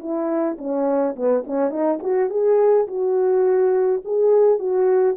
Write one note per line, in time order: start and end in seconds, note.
0.00 0.57 E4
0.58 1.15 C#4
1.16 1.44 B3
1.47 1.70 C#4
1.70 1.99 D#4
2.03 2.30 F#4
2.30 2.87 G#4
2.88 4.02 F#4
4.05 4.59 G#4
4.59 5.16 F#4